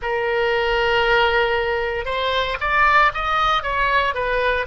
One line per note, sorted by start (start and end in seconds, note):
0.01 2.05 A#4
2.05 2.57 C5
2.60 3.12 D5
3.14 3.63 D#5
3.63 4.14 C#5
4.14 4.66 B4